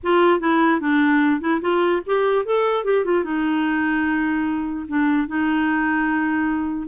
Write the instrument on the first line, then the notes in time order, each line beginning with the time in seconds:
clarinet
0.03 F4
0.40 E4
0.80 D4
1.40 E4
1.61 F4
2.05 G4
2.45 A4
2.84 G4
3.04 F4
3.24 D#4
4.87 D4
5.27 D#4